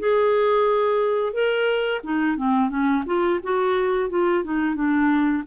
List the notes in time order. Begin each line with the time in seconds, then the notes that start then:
0.00 G#4
1.34 A#4
2.04 D#4
2.37 C4
2.70 C#4
3.07 F4
3.44 F#4
4.10 F4
4.44 D#4
4.76 D4